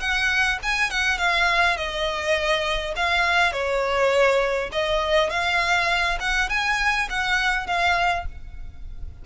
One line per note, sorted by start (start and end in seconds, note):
0.00 0.59 F#5
0.63 0.90 G#5
0.90 1.18 F#5
1.18 1.77 F5
1.77 2.94 D#5
2.96 3.52 F5
3.52 4.70 C#5
4.72 5.30 D#5
5.30 6.18 F5
6.20 6.49 F#5
6.49 7.08 G#5
7.09 7.67 F#5
7.67 8.25 F5